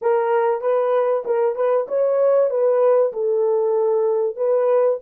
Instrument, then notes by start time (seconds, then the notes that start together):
horn
0.01 A#4
0.61 B4
1.25 A#4
1.55 B4
1.88 C#5
2.50 B4
3.12 A4
4.36 B4